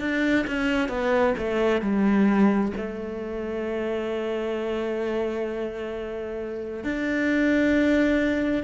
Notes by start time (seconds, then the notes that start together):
0.00 D4
0.47 C#4
0.89 B3
1.38 A3
1.82 G3
2.77 A3
6.84 D4